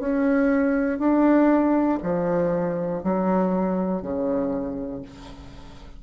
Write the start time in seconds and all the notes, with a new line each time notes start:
0.00 C#4
0.99 D4
2.03 F3
3.04 F#3
4.03 C#3